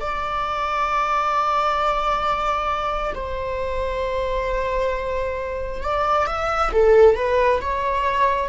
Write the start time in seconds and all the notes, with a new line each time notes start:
0.00 D5
3.14 C5
5.82 D5
6.26 E5
6.72 A4
7.15 B4
7.60 C#5